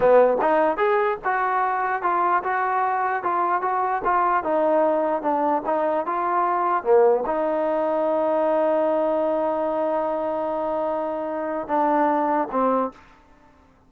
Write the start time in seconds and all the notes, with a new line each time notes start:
0.00 B3
0.41 D#4
0.77 G#4
1.24 F#4
2.02 F4
2.43 F#4
3.23 F4
3.61 F#4
4.04 F4
4.43 D#4
5.22 D4
5.65 D#4
6.05 F4
6.83 A#3
7.26 D#4
11.67 D4
12.51 C4